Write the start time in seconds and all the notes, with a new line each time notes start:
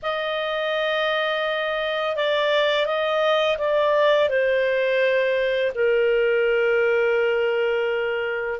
0.02 D#5
2.16 D5
2.86 D#5
3.57 D5
4.29 C5
5.74 A#4